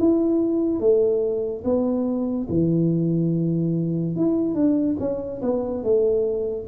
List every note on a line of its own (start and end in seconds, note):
0.00 0.80 E4
0.80 1.64 A3
1.65 2.48 B3
2.50 4.16 E3
4.16 4.55 E4
4.55 4.97 D4
5.00 5.42 C#4
5.42 5.84 B3
5.84 6.67 A3